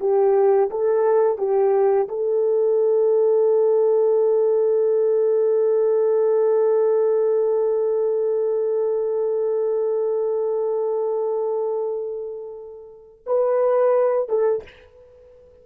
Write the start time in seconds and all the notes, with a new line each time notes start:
0.00 G4
0.70 A4
1.38 G4
2.09 A4
13.27 B4
14.29 A4